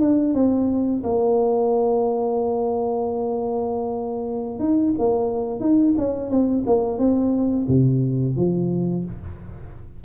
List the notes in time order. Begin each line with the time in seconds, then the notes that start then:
0.00 D4
0.34 C4
1.04 A#3
4.59 D#4
4.98 A#3
5.60 D#4
5.98 C#4
6.30 C4
6.66 A#3
6.98 C4
7.68 C3
8.36 F3